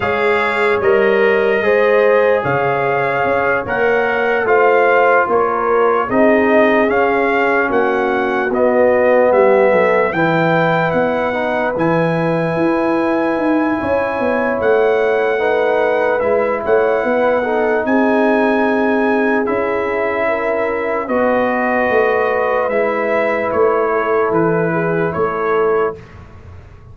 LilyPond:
<<
  \new Staff \with { instrumentName = "trumpet" } { \time 4/4 \tempo 4 = 74 f''4 dis''2 f''4~ | f''8 fis''4 f''4 cis''4 dis''8~ | dis''8 f''4 fis''4 dis''4 e''8~ | e''8 g''4 fis''4 gis''4.~ |
gis''2 fis''2 | e''8 fis''4. gis''2 | e''2 dis''2 | e''4 cis''4 b'4 cis''4 | }
  \new Staff \with { instrumentName = "horn" } { \time 4/4 cis''2 c''4 cis''4~ | cis''4. c''4 ais'4 gis'8~ | gis'4. fis'2 g'8 | a'8 b'2.~ b'8~ |
b'4 cis''2 b'4~ | b'8 cis''8 b'8 a'8 gis'2~ | gis'4 ais'4 b'2~ | b'4. a'4 gis'8 a'4 | }
  \new Staff \with { instrumentName = "trombone" } { \time 4/4 gis'4 ais'4 gis'2~ | gis'8 ais'4 f'2 dis'8~ | dis'8 cis'2 b4.~ | b8 e'4. dis'8 e'4.~ |
e'2. dis'4 | e'4. dis'2~ dis'8 | e'2 fis'2 | e'1 | }
  \new Staff \with { instrumentName = "tuba" } { \time 4/4 gis4 g4 gis4 cis4 | cis'8 ais4 a4 ais4 c'8~ | c'8 cis'4 ais4 b4 g8 | fis8 e4 b4 e4 e'8~ |
e'8 dis'8 cis'8 b8 a2 | gis8 a8 b4 c'2 | cis'2 b4 a4 | gis4 a4 e4 a4 | }
>>